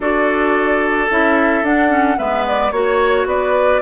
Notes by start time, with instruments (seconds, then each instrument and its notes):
0.00 bassoon D4, clarinet F#4, oboe A4, flute D5
1.10 bassoon C#4, clarinet E4, flute E5
1.62 bassoon D4, clarinet D4, flute F#5
1.89 clarinet C#4
2.17 bassoon G#3, clarinet B3, oboe B4, flute E5
2.47 flute D5
2.71 bassoon A#3, clarinet F#4, flute C#5, oboe C#5
3.25 bassoon B3, oboe B4, flute D5